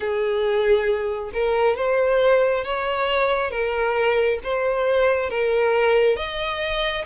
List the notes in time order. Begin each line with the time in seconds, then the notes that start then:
0.00 G#4
1.33 A#4
1.76 C5
2.64 C#5
3.51 A#4
4.43 C5
5.29 A#4
6.16 D#5